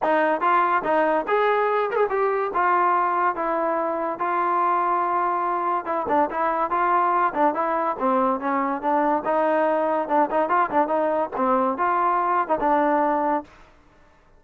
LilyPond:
\new Staff \with { instrumentName = "trombone" } { \time 4/4 \tempo 4 = 143 dis'4 f'4 dis'4 gis'4~ | gis'8 ais'16 gis'16 g'4 f'2 | e'2 f'2~ | f'2 e'8 d'8 e'4 |
f'4. d'8 e'4 c'4 | cis'4 d'4 dis'2 | d'8 dis'8 f'8 d'8 dis'4 c'4 | f'4.~ f'16 dis'16 d'2 | }